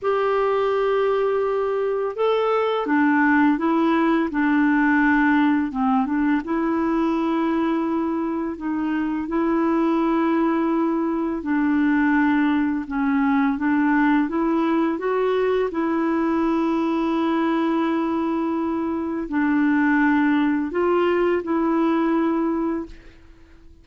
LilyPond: \new Staff \with { instrumentName = "clarinet" } { \time 4/4 \tempo 4 = 84 g'2. a'4 | d'4 e'4 d'2 | c'8 d'8 e'2. | dis'4 e'2. |
d'2 cis'4 d'4 | e'4 fis'4 e'2~ | e'2. d'4~ | d'4 f'4 e'2 | }